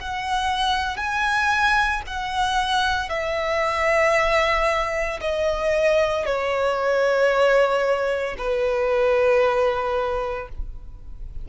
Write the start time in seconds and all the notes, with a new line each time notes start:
0.00 F#5
0.97 G#5
2.07 F#5
3.09 E5
5.21 D#5
6.25 C#5
8.38 B4